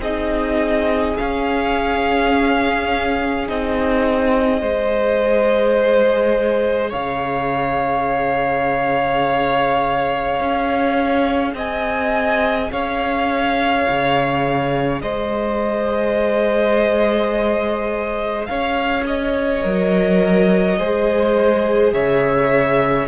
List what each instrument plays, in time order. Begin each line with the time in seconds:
0.00 cello C4, viola D#4, violin G#4 D#5
1.17 viola C#4, cello C#4, violin F5
3.47 cello C4, viola D#4, violin D#5
4.61 cello G#3, viola G#4, violin C5
6.90 cello C#3, violin C#5 F5
10.40 cello C#4
11.54 cello C4, violin D#5 G#5
12.71 cello C#4, violin C#5 F5
13.89 cello C#3
15.02 cello G#3, violin C5 D#5
18.46 cello C#4, violin C#5 F5
19.06 violin D#5
19.63 cello F#3, viola A#4
20.79 cello G#3, viola G#4, violin C5
21.93 cello C#3, violin C#5 E5